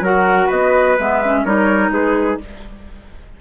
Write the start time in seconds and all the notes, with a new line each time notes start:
0.00 F#3 F#4 A#4 F#5
0.47 B3 B4 D#5
0.98 G#3 B3 E5
1.24 C#4
1.44 G3 D#4 A#4 C#5
1.89 G#3 G#4 B4